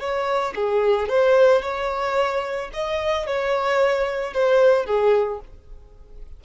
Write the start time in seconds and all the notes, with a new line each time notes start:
0.00 C#5
0.56 G#4
1.09 C5
1.63 C#5
2.74 D#5
3.27 C#5
4.34 C5
4.86 G#4